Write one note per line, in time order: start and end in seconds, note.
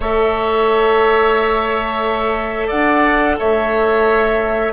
0.00 2.70 A3
0.00 4.72 A4
0.00 2.67 C#5
0.00 2.70 E5
2.67 3.38 D4
2.67 3.35 D5
2.67 3.37 F#5
3.39 4.72 A3
3.39 4.72 C#5
3.39 4.72 E5